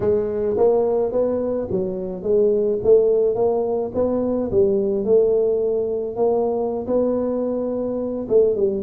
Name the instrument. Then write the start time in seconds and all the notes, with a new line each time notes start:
tuba
0.00 G#3
0.57 A#3
1.12 B3
1.70 F#3
2.22 G#3
2.83 A3
3.35 A#3
3.94 B3
4.51 G3
5.05 A3
6.16 A#3
6.87 B3
8.29 A3
8.55 G3